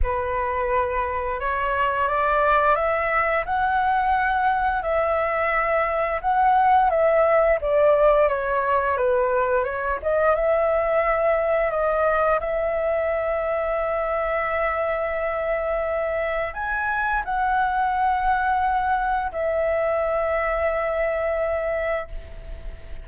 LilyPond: \new Staff \with { instrumentName = "flute" } { \time 4/4 \tempo 4 = 87 b'2 cis''4 d''4 | e''4 fis''2 e''4~ | e''4 fis''4 e''4 d''4 | cis''4 b'4 cis''8 dis''8 e''4~ |
e''4 dis''4 e''2~ | e''1 | gis''4 fis''2. | e''1 | }